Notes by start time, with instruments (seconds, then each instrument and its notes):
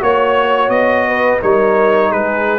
0.00 tuba A#3, trombone F#4, trumpet C#5, horn C#5
0.69 tuba B3, trumpet D#5
1.07 horn B4
1.41 tuba G3, trombone D#4, horn A#4, trumpet C#5
2.10 tuba G#3, horn G#4, trumpet B4